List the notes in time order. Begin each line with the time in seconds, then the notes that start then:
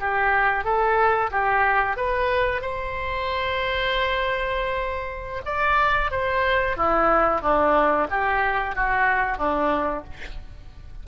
0.00 G4
0.64 A4
1.31 G4
1.97 B4
2.62 C5
5.46 D5
6.11 C5
6.77 E4
7.42 D4
8.10 G4
8.75 F#4
9.38 D4